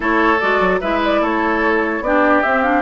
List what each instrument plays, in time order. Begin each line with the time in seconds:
0.00 bassoon A3, clarinet E4, oboe A4, flute C#5
0.40 bassoon G#3, clarinet F#4, flute D5
0.59 bassoon F#3
0.80 bassoon G#3, clarinet E4, oboe B4, flute E5
1.04 flute D5
1.20 bassoon A3, oboe A4, flute C#5
2.00 bassoon B3, clarinet D4, oboe G4, flute D5
2.42 clarinet C4, bassoon C4, flute E5
2.62 clarinet D4, flute F5